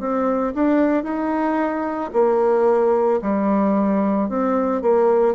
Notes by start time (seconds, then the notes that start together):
0.00 C4
0.55 D4
1.04 D#4
2.13 A#3
3.22 G3
4.29 C4
4.82 A#3